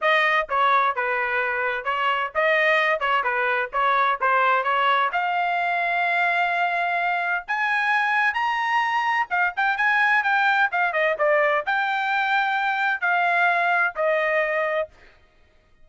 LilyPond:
\new Staff \with { instrumentName = "trumpet" } { \time 4/4 \tempo 4 = 129 dis''4 cis''4 b'2 | cis''4 dis''4. cis''8 b'4 | cis''4 c''4 cis''4 f''4~ | f''1 |
gis''2 ais''2 | f''8 g''8 gis''4 g''4 f''8 dis''8 | d''4 g''2. | f''2 dis''2 | }